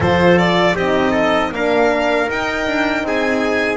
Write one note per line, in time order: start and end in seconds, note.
0.00 0.74 F3
0.00 0.77 F4
0.00 0.75 A4
0.00 0.37 C5
0.37 0.75 D5
0.75 1.51 C4
0.75 1.53 D#4
0.75 1.11 G4
0.75 1.53 D#5
1.11 1.49 A4
1.51 2.27 A#3
1.51 2.27 D4
1.51 3.07 A#4
1.51 2.30 F5
2.27 3.76 D#4
2.27 2.66 D#4
2.27 3.06 G5
2.66 3.03 D4
3.03 3.76 C4
3.03 3.76 G#4
3.03 3.76 G#5